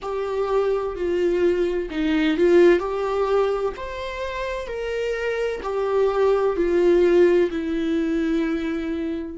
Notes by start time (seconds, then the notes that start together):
0.02 G4
0.95 F4
1.90 D#4
2.37 F4
2.79 G4
3.76 C5
4.67 A#4
5.62 G4
6.56 F4
7.50 E4